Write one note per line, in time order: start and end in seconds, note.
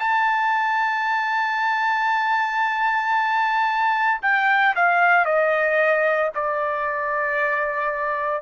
0.00 4.21 A5
4.22 4.75 G5
4.76 5.25 F5
5.25 6.31 D#5
6.35 8.43 D5